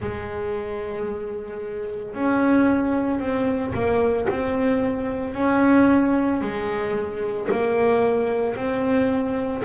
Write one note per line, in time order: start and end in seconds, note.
0.00 2.14 G#3
2.14 3.19 C#4
3.19 3.73 C4
3.74 4.27 A#3
4.29 5.34 C4
5.34 6.41 C#4
6.41 7.48 G#3
7.51 8.55 A#3
8.55 9.62 C4